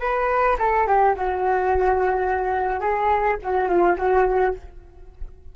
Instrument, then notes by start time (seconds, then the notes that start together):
flute
0.00 B4
0.59 A4
0.87 G4
1.16 F#4
2.80 G#4
3.42 F#4
3.68 F4
3.97 F#4